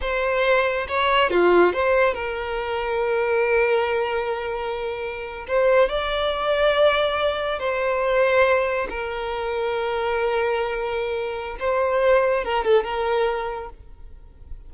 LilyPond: \new Staff \with { instrumentName = "violin" } { \time 4/4 \tempo 4 = 140 c''2 cis''4 f'4 | c''4 ais'2.~ | ais'1~ | ais'8. c''4 d''2~ d''16~ |
d''4.~ d''16 c''2~ c''16~ | c''8. ais'2.~ ais'16~ | ais'2. c''4~ | c''4 ais'8 a'8 ais'2 | }